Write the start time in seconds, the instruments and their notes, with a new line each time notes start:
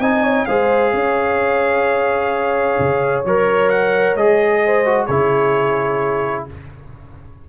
0.00 tuba C4, trombone D#4, horn D#5, trumpet G#5
0.24 horn C#5
0.46 tuba G#3, trombone G#4, horn C5, trumpet F5
0.94 tuba C#4, horn C#5
2.80 tuba C#3
3.25 tuba F#3, trombone A#4, trumpet C#5
3.70 trumpet F#5
4.15 tuba G#3, trombone G#4, trumpet D#5
4.65 horn C5
4.86 trombone F#4
5.06 tuba C#3, trombone E4, horn G#4, trumpet C#5